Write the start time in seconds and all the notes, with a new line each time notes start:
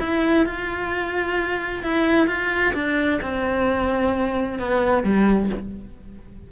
0.00 E4
0.46 F4
1.84 E4
2.28 F4
2.74 D4
3.22 C4
4.59 B3
5.03 G3